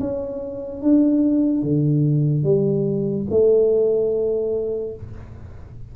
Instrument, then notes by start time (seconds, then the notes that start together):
tuba
0.00 C#4
0.82 D4
1.62 D3
2.44 G3
3.30 A3